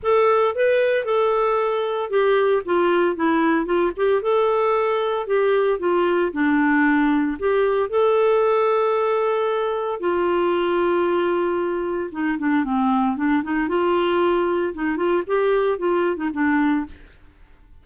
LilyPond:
\new Staff \with { instrumentName = "clarinet" } { \time 4/4 \tempo 4 = 114 a'4 b'4 a'2 | g'4 f'4 e'4 f'8 g'8 | a'2 g'4 f'4 | d'2 g'4 a'4~ |
a'2. f'4~ | f'2. dis'8 d'8 | c'4 d'8 dis'8 f'2 | dis'8 f'8 g'4 f'8. dis'16 d'4 | }